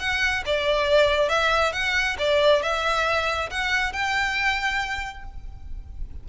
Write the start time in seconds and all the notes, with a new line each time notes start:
0.00 F#5
0.46 D5
1.29 E5
1.73 F#5
2.19 D5
2.63 E5
3.51 F#5
3.93 G5